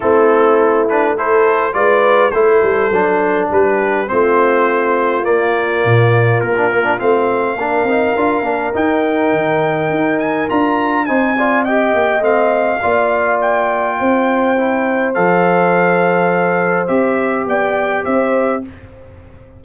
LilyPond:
<<
  \new Staff \with { instrumentName = "trumpet" } { \time 4/4 \tempo 4 = 103 a'4. b'8 c''4 d''4 | c''2 b'4 c''4~ | c''4 d''2 ais'4 | f''2. g''4~ |
g''4. gis''8 ais''4 gis''4 | g''4 f''2 g''4~ | g''2 f''2~ | f''4 e''4 g''4 e''4 | }
  \new Staff \with { instrumentName = "horn" } { \time 4/4 e'2 a'4 b'4 | a'2 g'4 f'4~ | f'1~ | f'4 ais'2.~ |
ais'2. c''8 d''8 | dis''2 d''2 | c''1~ | c''2 d''4 c''4 | }
  \new Staff \with { instrumentName = "trombone" } { \time 4/4 c'4. d'8 e'4 f'4 | e'4 d'2 c'4~ | c'4 ais2~ ais16 d'16 ais16 d'16 | c'4 d'8 dis'8 f'8 d'8 dis'4~ |
dis'2 f'4 dis'8 f'8 | g'4 c'4 f'2~ | f'4 e'4 a'2~ | a'4 g'2. | }
  \new Staff \with { instrumentName = "tuba" } { \time 4/4 a2. gis4 | a8 g8 fis4 g4 a4~ | a4 ais4 ais,4 ais4 | a4 ais8 c'8 d'8 ais8 dis'4 |
dis4 dis'4 d'4 c'4~ | c'8 ais8 a4 ais2 | c'2 f2~ | f4 c'4 b4 c'4 | }
>>